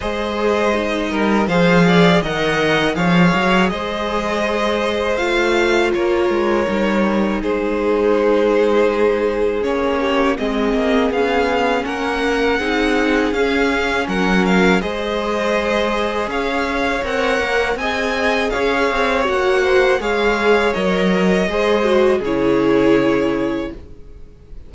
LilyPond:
<<
  \new Staff \with { instrumentName = "violin" } { \time 4/4 \tempo 4 = 81 dis''2 f''4 fis''4 | f''4 dis''2 f''4 | cis''2 c''2~ | c''4 cis''4 dis''4 f''4 |
fis''2 f''4 fis''8 f''8 | dis''2 f''4 fis''4 | gis''4 f''4 fis''4 f''4 | dis''2 cis''2 | }
  \new Staff \with { instrumentName = "violin" } { \time 4/4 c''4. ais'8 c''8 d''8 dis''4 | cis''4 c''2. | ais'2 gis'2~ | gis'4. g'8 gis'2 |
ais'4 gis'2 ais'4 | c''2 cis''2 | dis''4 cis''4. c''8 cis''4~ | cis''4 c''4 gis'2 | }
  \new Staff \with { instrumentName = "viola" } { \time 4/4 gis'4 dis'4 gis'4 ais'4 | gis'2. f'4~ | f'4 dis'2.~ | dis'4 cis'4 c'4 cis'4~ |
cis'4 dis'4 cis'2 | gis'2. ais'4 | gis'2 fis'4 gis'4 | ais'4 gis'8 fis'8 e'2 | }
  \new Staff \with { instrumentName = "cello" } { \time 4/4 gis4. g8 f4 dis4 | f8 fis8 gis2 a4 | ais8 gis8 g4 gis2~ | gis4 ais4 gis8 ais8 b4 |
ais4 c'4 cis'4 fis4 | gis2 cis'4 c'8 ais8 | c'4 cis'8 c'8 ais4 gis4 | fis4 gis4 cis2 | }
>>